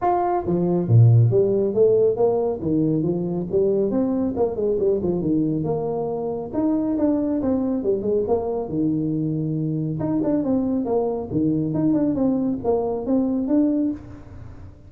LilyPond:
\new Staff \with { instrumentName = "tuba" } { \time 4/4 \tempo 4 = 138 f'4 f4 ais,4 g4 | a4 ais4 dis4 f4 | g4 c'4 ais8 gis8 g8 f8 | dis4 ais2 dis'4 |
d'4 c'4 g8 gis8 ais4 | dis2. dis'8 d'8 | c'4 ais4 dis4 dis'8 d'8 | c'4 ais4 c'4 d'4 | }